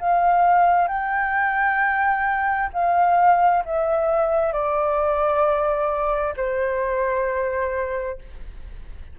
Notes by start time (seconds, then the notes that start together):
0.00 F5
0.88 G5
2.73 F5
3.65 E5
4.52 D5
6.37 C5